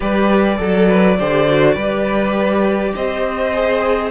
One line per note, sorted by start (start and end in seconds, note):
0.00 0.59 G3
0.00 0.57 G4
0.00 0.58 B4
0.00 2.95 D5
0.57 1.19 F#3
0.57 1.16 A4
0.57 0.88 A4
0.88 1.17 B4
1.19 1.75 D3
1.19 1.48 G4
1.19 1.75 C5
1.48 1.77 F#4
1.75 2.93 G3
1.75 3.53 G4
1.75 2.92 B4
2.95 4.11 C4
2.95 4.11 C5
2.95 4.11 D#5
3.53 4.11 G#4